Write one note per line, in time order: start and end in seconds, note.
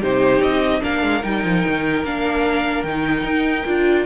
0.00 0.39 C3
0.00 0.81 D#4
0.00 0.81 G4
0.00 0.42 C5
0.39 0.80 C4
0.39 0.82 D#5
0.81 1.03 A#3
0.81 1.21 D4
0.81 4.06 A#4
0.81 1.23 F5
1.03 1.23 G#3
1.23 1.44 G3
1.23 2.04 D#4
1.23 2.04 G5
1.44 1.64 F3
1.67 2.03 D#3
2.03 2.84 A#3
2.03 2.86 D4
2.03 2.83 F5
2.83 3.23 D#3
2.83 3.66 D#4
2.83 4.04 G5
3.23 3.64 D#4
3.66 4.06 D4
3.66 4.06 F4